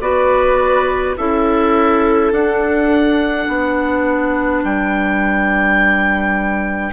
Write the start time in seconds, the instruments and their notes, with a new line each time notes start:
0.00 bassoon B3, clarinet F#4, viola B4, oboe D5
1.17 bassoon C#4, clarinet E4, viola A4, oboe E5
2.31 bassoon D4, clarinet D4, oboe F#5
3.47 bassoon B3, viola B4
4.64 bassoon G3, oboe G5